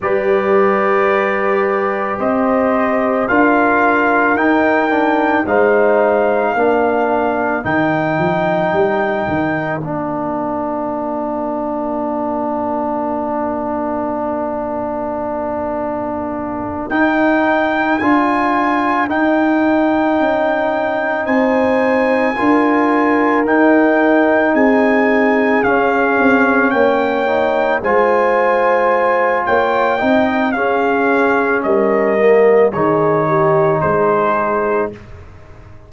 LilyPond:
<<
  \new Staff \with { instrumentName = "trumpet" } { \time 4/4 \tempo 4 = 55 d''2 dis''4 f''4 | g''4 f''2 g''4~ | g''4 f''2.~ | f''2.~ f''8 g''8~ |
g''8 gis''4 g''2 gis''8~ | gis''4. g''4 gis''4 f''8~ | f''8 g''4 gis''4. g''4 | f''4 dis''4 cis''4 c''4 | }
  \new Staff \with { instrumentName = "horn" } { \time 4/4 b'2 c''4 ais'4~ | ais'4 c''4 ais'2~ | ais'1~ | ais'1~ |
ais'2.~ ais'8 c''8~ | c''8 ais'2 gis'4.~ | gis'8 cis''4 c''4. cis''8 dis''8 | gis'4 ais'4 gis'8 g'8 gis'4 | }
  \new Staff \with { instrumentName = "trombone" } { \time 4/4 g'2. f'4 | dis'8 d'8 dis'4 d'4 dis'4~ | dis'4 d'2.~ | d'2.~ d'8 dis'8~ |
dis'8 f'4 dis'2~ dis'8~ | dis'8 f'4 dis'2 cis'8~ | cis'4 dis'8 f'2 dis'8 | cis'4. ais8 dis'2 | }
  \new Staff \with { instrumentName = "tuba" } { \time 4/4 g2 c'4 d'4 | dis'4 gis4 ais4 dis8 f8 | g8 dis8 ais2.~ | ais2.~ ais8 dis'8~ |
dis'8 d'4 dis'4 cis'4 c'8~ | c'8 d'4 dis'4 c'4 cis'8 | c'8 ais4 gis4. ais8 c'8 | cis'4 g4 dis4 gis4 | }
>>